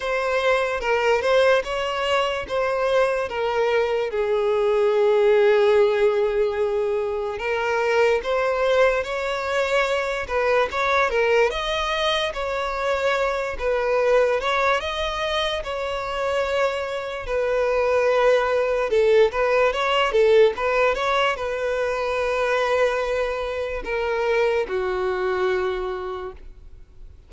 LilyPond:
\new Staff \with { instrumentName = "violin" } { \time 4/4 \tempo 4 = 73 c''4 ais'8 c''8 cis''4 c''4 | ais'4 gis'2.~ | gis'4 ais'4 c''4 cis''4~ | cis''8 b'8 cis''8 ais'8 dis''4 cis''4~ |
cis''8 b'4 cis''8 dis''4 cis''4~ | cis''4 b'2 a'8 b'8 | cis''8 a'8 b'8 cis''8 b'2~ | b'4 ais'4 fis'2 | }